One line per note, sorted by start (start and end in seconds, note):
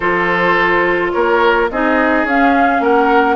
0.00 1.13 F3
0.00 1.70 F4
0.00 1.12 A4
0.00 1.11 C5
1.11 1.70 A#3
1.11 1.70 A#4
1.11 1.68 C#5
1.70 2.23 C4
1.70 2.27 D#4
1.70 2.82 G#4
1.70 2.27 D#5
2.23 2.80 C#4
2.23 3.36 C#4
2.23 2.83 F5
2.80 3.36 A#3
2.80 3.36 A#4
2.80 3.36 F#5